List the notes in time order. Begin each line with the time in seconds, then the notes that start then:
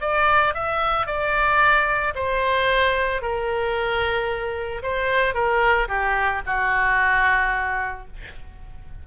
0.00 D5
0.54 E5
1.06 D5
2.15 C5
3.21 A#4
4.82 C5
5.34 A#4
5.88 G4
6.46 F#4